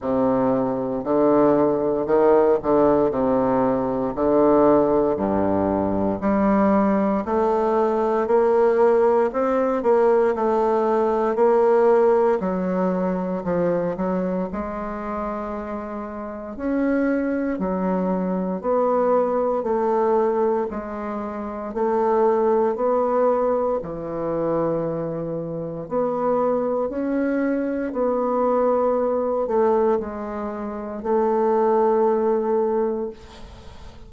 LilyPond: \new Staff \with { instrumentName = "bassoon" } { \time 4/4 \tempo 4 = 58 c4 d4 dis8 d8 c4 | d4 g,4 g4 a4 | ais4 c'8 ais8 a4 ais4 | fis4 f8 fis8 gis2 |
cis'4 fis4 b4 a4 | gis4 a4 b4 e4~ | e4 b4 cis'4 b4~ | b8 a8 gis4 a2 | }